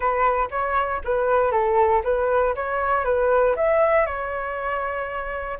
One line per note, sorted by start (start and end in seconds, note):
0.00 0.49 B4
0.50 1.01 C#5
1.04 1.51 B4
1.51 2.02 A4
2.04 2.54 B4
2.55 3.04 C#5
3.04 3.55 B4
3.56 4.06 E5
4.06 5.58 C#5